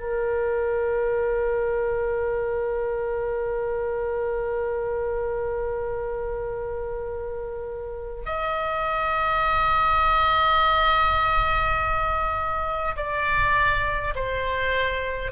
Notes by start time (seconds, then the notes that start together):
0.00 A#4
8.26 D#5
12.96 D5
14.16 C5